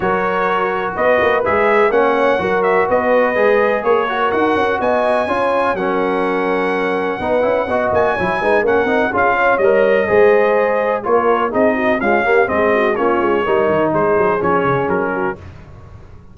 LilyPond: <<
  \new Staff \with { instrumentName = "trumpet" } { \time 4/4 \tempo 4 = 125 cis''2 dis''4 e''4 | fis''4. e''8 dis''2 | cis''4 fis''4 gis''2 | fis''1~ |
fis''8 gis''4. fis''4 f''4 | dis''2. cis''4 | dis''4 f''4 dis''4 cis''4~ | cis''4 c''4 cis''4 ais'4 | }
  \new Staff \with { instrumentName = "horn" } { \time 4/4 ais'2 b'2 | cis''4 ais'4 b'2 | ais'2 dis''4 cis''4 | ais'2. b'4 |
dis''4 cis''8 b'8 ais'4 gis'8 cis''8~ | cis''4 c''2 ais'4 | gis'8 fis'8 f'8 g'8 gis'8 fis'8 f'4 | ais'4 gis'2~ gis'8 fis'8 | }
  \new Staff \with { instrumentName = "trombone" } { \time 4/4 fis'2. gis'4 | cis'4 fis'2 gis'4~ | gis'8 fis'2~ fis'8 f'4 | cis'2. dis'8 e'8 |
fis'4 e'8 dis'8 cis'8 dis'8 f'4 | ais'4 gis'2 f'4 | dis'4 gis8 ais8 c'4 cis'4 | dis'2 cis'2 | }
  \new Staff \with { instrumentName = "tuba" } { \time 4/4 fis2 b8 ais8 gis4 | ais4 fis4 b4 gis4 | ais4 dis'8 cis'8 b4 cis'4 | fis2. b8 cis'8 |
b8 ais8 fis8 gis8 ais8 c'8 cis'4 | g4 gis2 ais4 | c'4 cis'4 gis4 ais8 gis8 | g8 dis8 gis8 fis8 f8 cis8 fis4 | }
>>